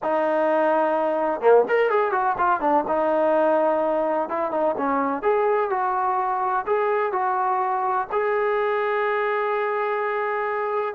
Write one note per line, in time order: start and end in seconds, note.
0.02 1.40 D#4
1.40 1.64 A#3
1.68 1.90 A#4
1.90 2.11 G#4
2.11 2.35 F#4
2.38 2.60 F4
2.60 2.84 D4
2.87 4.29 D#4
4.29 4.51 E4
4.51 4.75 D#4
4.77 5.22 C#4
5.22 5.69 G#4
5.70 6.65 F#4
6.66 7.12 G#4
7.12 8.07 F#4
8.11 10.94 G#4